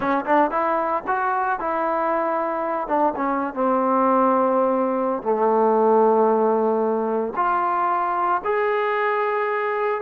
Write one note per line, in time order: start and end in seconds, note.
0.00 0.25 C#4
0.25 0.50 D4
0.50 1.03 E4
1.07 1.59 F#4
1.59 2.87 E4
2.87 3.13 D4
3.16 3.54 C#4
3.54 5.22 C4
5.22 7.33 A3
7.36 8.41 F4
8.44 10.01 G#4